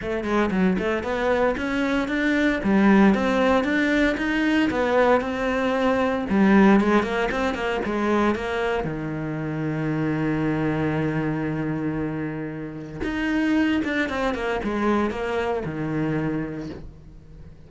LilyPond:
\new Staff \with { instrumentName = "cello" } { \time 4/4 \tempo 4 = 115 a8 gis8 fis8 a8 b4 cis'4 | d'4 g4 c'4 d'4 | dis'4 b4 c'2 | g4 gis8 ais8 c'8 ais8 gis4 |
ais4 dis2.~ | dis1~ | dis4 dis'4. d'8 c'8 ais8 | gis4 ais4 dis2 | }